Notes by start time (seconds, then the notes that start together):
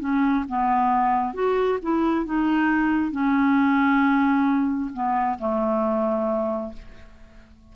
0.00 C#4
0.48 B3
1.34 F#4
1.82 E4
2.26 D#4
3.12 C#4
4.94 B3
5.39 A3